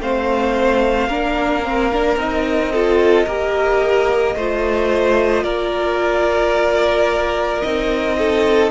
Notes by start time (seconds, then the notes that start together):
0.00 A3 C4 C5 F5
1.08 A#3 D4 A#4
1.64 C4
1.92 D4
2.16 C4 D#4 D#5
2.72 F4 A4
3.26 A#3 G4 A#4
4.35 A3 F4 C5
5.44 A#3 A#4 D5
7.62 C4 D#4 D#5
8.18 A4